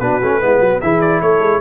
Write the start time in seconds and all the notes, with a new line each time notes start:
0.00 B3 D4 F#4 B4
0.22 A3 C#4
0.41 G#3 B3 E4
0.60 F#3 F#4
0.81 E3 E4 G#4 E5
1.01 D5
1.22 A3 A4 C#5
1.40 G#3